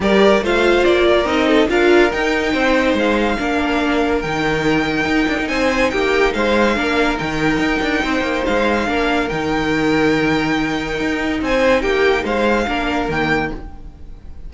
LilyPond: <<
  \new Staff \with { instrumentName = "violin" } { \time 4/4 \tempo 4 = 142 d''4 f''4 d''4 dis''4 | f''4 g''2 f''4~ | f''2 g''2~ | g''4 gis''4 g''4 f''4~ |
f''4 g''2. | f''2 g''2~ | g''2. gis''4 | g''4 f''2 g''4 | }
  \new Staff \with { instrumentName = "violin" } { \time 4/4 ais'4 c''4. ais'4 a'8 | ais'2 c''2 | ais'1~ | ais'4 c''4 g'4 c''4 |
ais'2. c''4~ | c''4 ais'2.~ | ais'2. c''4 | g'4 c''4 ais'2 | }
  \new Staff \with { instrumentName = "viola" } { \time 4/4 g'4 f'2 dis'4 | f'4 dis'2. | d'2 dis'2~ | dis'1 |
d'4 dis'2.~ | dis'4 d'4 dis'2~ | dis'1~ | dis'2 d'4 ais4 | }
  \new Staff \with { instrumentName = "cello" } { \time 4/4 g4 a4 ais4 c'4 | d'4 dis'4 c'4 gis4 | ais2 dis2 | dis'8 d'16 dis'16 c'4 ais4 gis4 |
ais4 dis4 dis'8 d'8 c'8 ais8 | gis4 ais4 dis2~ | dis2 dis'4 c'4 | ais4 gis4 ais4 dis4 | }
>>